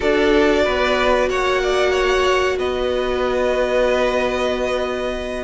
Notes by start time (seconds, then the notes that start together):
0.00 D4 F#4 A4 D5
0.64 B3 B4
1.29 A#3 C#5 F#5
1.62 D5
1.91 C#5
2.58 B3 B4 D#5